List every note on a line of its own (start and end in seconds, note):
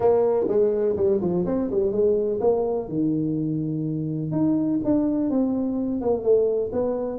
0.00 0.46 A#3
0.48 0.96 G#3
0.96 1.20 G3
1.21 1.45 F3
1.46 1.70 C4
1.71 1.91 G3
1.91 2.39 G#3
2.40 2.88 A#3
2.88 4.31 D#3
4.31 4.79 D#4
4.84 5.30 D4
5.30 6.01 C4
6.01 6.23 A#3
6.23 6.71 A3
6.72 7.18 B3